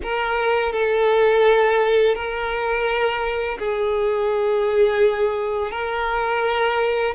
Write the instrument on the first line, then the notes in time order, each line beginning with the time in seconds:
violin
0.02 A#4
0.72 A4
2.15 A#4
3.58 G#4
5.71 A#4